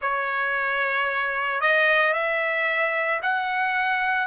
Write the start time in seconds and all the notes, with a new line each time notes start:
0.01 C#5
1.61 D#5
2.13 E5
3.22 F#5